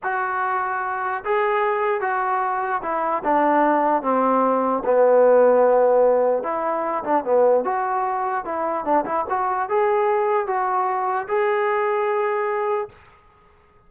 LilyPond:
\new Staff \with { instrumentName = "trombone" } { \time 4/4 \tempo 4 = 149 fis'2. gis'4~ | gis'4 fis'2 e'4 | d'2 c'2 | b1 |
e'4. d'8 b4 fis'4~ | fis'4 e'4 d'8 e'8 fis'4 | gis'2 fis'2 | gis'1 | }